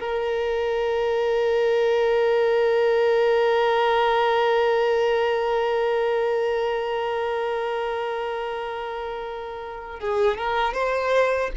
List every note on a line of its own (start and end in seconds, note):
0.00 10.00 A#4
10.00 10.37 G#4
10.37 10.74 A#4
10.74 11.51 C5